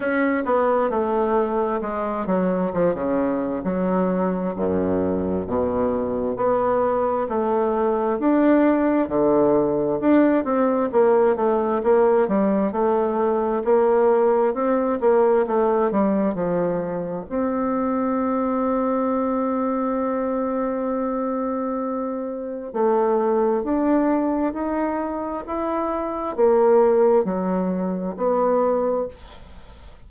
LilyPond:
\new Staff \with { instrumentName = "bassoon" } { \time 4/4 \tempo 4 = 66 cis'8 b8 a4 gis8 fis8 f16 cis8. | fis4 fis,4 b,4 b4 | a4 d'4 d4 d'8 c'8 | ais8 a8 ais8 g8 a4 ais4 |
c'8 ais8 a8 g8 f4 c'4~ | c'1~ | c'4 a4 d'4 dis'4 | e'4 ais4 fis4 b4 | }